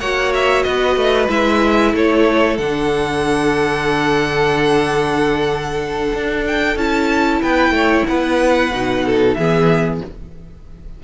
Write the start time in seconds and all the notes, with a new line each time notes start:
0.00 A#3 F#4 C#5 F#5
0.34 E5
0.63 B3 B4 D#5
0.96 A3
1.29 G#3 E4 E5
1.94 A3 A4 C#5
2.58 D3 D4 F#5
6.13 D4
6.47 G5
6.76 C#4 E4 A5
7.42 B3 B4 G5
7.71 A3 C#5
8.06 B3 B4 F#5
8.72 B2 D#4
9.06 A4
9.34 E3 B3 G#4 E5